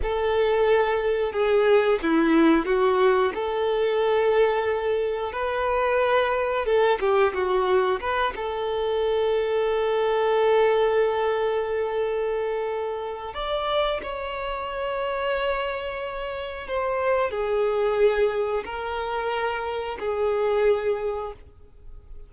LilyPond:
\new Staff \with { instrumentName = "violin" } { \time 4/4 \tempo 4 = 90 a'2 gis'4 e'4 | fis'4 a'2. | b'2 a'8 g'8 fis'4 | b'8 a'2.~ a'8~ |
a'1 | d''4 cis''2.~ | cis''4 c''4 gis'2 | ais'2 gis'2 | }